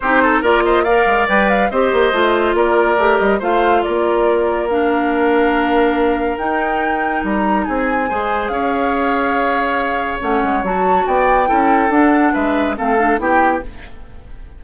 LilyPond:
<<
  \new Staff \with { instrumentName = "flute" } { \time 4/4 \tempo 4 = 141 c''4 d''8 dis''8 f''4 g''8 f''8 | dis''2 d''4. dis''8 | f''4 d''2 f''4~ | f''2. g''4~ |
g''4 ais''4 gis''2 | f''1 | fis''4 a''4 g''2 | fis''4 e''4 f''4 g''4 | }
  \new Staff \with { instrumentName = "oboe" } { \time 4/4 g'8 a'8 ais'8 c''8 d''2 | c''2 ais'2 | c''4 ais'2.~ | ais'1~ |
ais'2 gis'4 c''4 | cis''1~ | cis''2 d''4 a'4~ | a'4 b'4 a'4 g'4 | }
  \new Staff \with { instrumentName = "clarinet" } { \time 4/4 dis'4 f'4 ais'4 b'4 | g'4 f'2 g'4 | f'2. d'4~ | d'2. dis'4~ |
dis'2. gis'4~ | gis'1 | cis'4 fis'2 e'4 | d'2 c'8 d'8 e'4 | }
  \new Staff \with { instrumentName = "bassoon" } { \time 4/4 c'4 ais4. gis8 g4 | c'8 ais8 a4 ais4 a8 g8 | a4 ais2.~ | ais2. dis'4~ |
dis'4 g4 c'4 gis4 | cis'1 | a8 gis8 fis4 b4 cis'4 | d'4 gis4 a4 b4 | }
>>